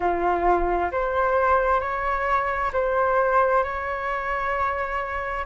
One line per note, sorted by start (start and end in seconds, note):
0.00 0.90 F4
0.91 1.80 C5
1.80 2.71 C#5
2.72 3.63 C5
3.63 5.45 C#5